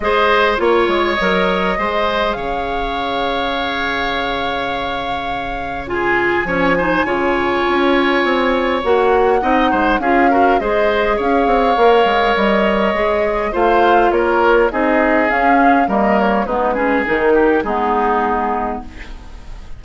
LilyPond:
<<
  \new Staff \with { instrumentName = "flute" } { \time 4/4 \tempo 4 = 102 dis''4 cis''4 dis''2 | f''1~ | f''2 gis''2~ | gis''2. fis''4~ |
fis''4 f''4 dis''4 f''4~ | f''4 dis''2 f''4 | cis''4 dis''4 f''4 dis''8 cis''8 | b'4 ais'4 gis'2 | }
  \new Staff \with { instrumentName = "oboe" } { \time 4/4 c''4 cis''2 c''4 | cis''1~ | cis''2 gis'4 cis''8 c''8 | cis''1 |
dis''8 c''8 gis'8 ais'8 c''4 cis''4~ | cis''2. c''4 | ais'4 gis'2 ais'4 | dis'8 gis'4 g'8 dis'2 | }
  \new Staff \with { instrumentName = "clarinet" } { \time 4/4 gis'4 f'4 ais'4 gis'4~ | gis'1~ | gis'2 f'4 cis'8 dis'8 | f'2. fis'4 |
dis'4 f'8 fis'8 gis'2 | ais'2 gis'4 f'4~ | f'4 dis'4 cis'4 ais4 | b8 cis'8 dis'4 b2 | }
  \new Staff \with { instrumentName = "bassoon" } { \time 4/4 gis4 ais8 gis8 fis4 gis4 | cis1~ | cis2. f4 | cis4 cis'4 c'4 ais4 |
c'8 gis8 cis'4 gis4 cis'8 c'8 | ais8 gis8 g4 gis4 a4 | ais4 c'4 cis'4 g4 | gis4 dis4 gis2 | }
>>